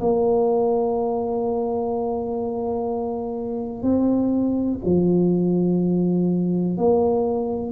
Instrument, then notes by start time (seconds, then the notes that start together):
tuba
0.00 A#3
3.83 C4
4.85 F3
6.77 A#3